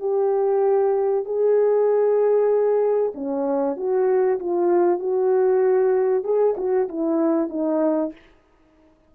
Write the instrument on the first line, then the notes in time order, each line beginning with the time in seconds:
horn
0.00 G4
1.25 G#4
3.14 C#4
3.76 F#4
4.39 F4
4.99 F#4
6.24 G#4
6.57 F#4
6.89 E4
7.49 D#4